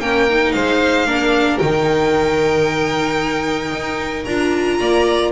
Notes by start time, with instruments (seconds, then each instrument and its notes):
0.00 double bass A#3, viola C#4, violin A#4 G5
0.29 viola D#4
0.52 double bass G#3, violin C5 F5
1.06 double bass A#3, viola D4, violin A#4
1.58 double bass D#3, viola D#4, violin G5
3.71 double bass D#4
4.24 double bass D4, viola F4, violin A#5
4.79 double bass A#3, violin D5